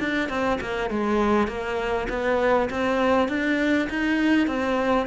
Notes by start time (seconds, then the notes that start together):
0.00 D4
0.29 C4
0.61 A#3
0.90 G#3
1.48 A#3
2.09 B3
2.71 C4
3.29 D4
3.90 D#4
4.48 C4